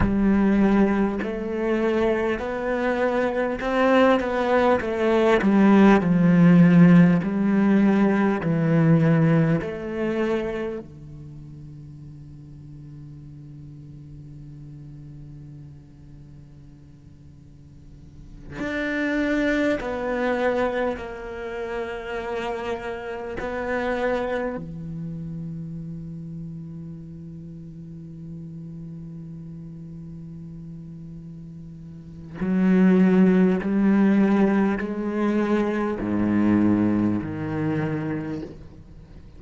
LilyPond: \new Staff \with { instrumentName = "cello" } { \time 4/4 \tempo 4 = 50 g4 a4 b4 c'8 b8 | a8 g8 f4 g4 e4 | a4 d2.~ | d2.~ d8 d'8~ |
d'8 b4 ais2 b8~ | b8 e2.~ e8~ | e2. fis4 | g4 gis4 gis,4 dis4 | }